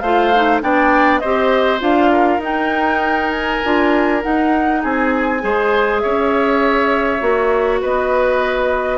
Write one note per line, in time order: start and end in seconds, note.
0.00 0.61 A3
0.00 0.34 F4
0.00 0.62 C5
0.00 0.60 F5
0.35 0.62 D#4
0.62 1.23 B3
0.62 1.22 D4
0.62 1.21 D5
0.62 1.19 G5
1.19 1.81 C4
1.19 1.80 G4
1.19 2.11 C5
1.19 1.79 D#5
1.80 2.38 D4
1.80 2.40 F4
1.80 2.42 F5
2.12 4.82 A#4
2.38 3.58 D#4
2.38 3.63 D#4
2.44 3.31 G5
3.31 4.21 G#5
3.64 4.25 D4
3.64 4.22 F4
4.22 5.41 D#4
4.22 4.84 D#4
4.22 4.83 F#5
4.82 5.43 C4
4.82 5.42 G#4
4.82 5.99 G#5
5.41 6.03 G#3
5.41 7.21 G#4
5.41 6.03 C5
5.99 7.21 C#4
5.99 7.82 C#5
5.99 7.79 E5
7.21 7.82 A#3
7.21 8.98 F#4
7.82 8.98 B3
7.82 8.98 B4
7.82 8.98 D#5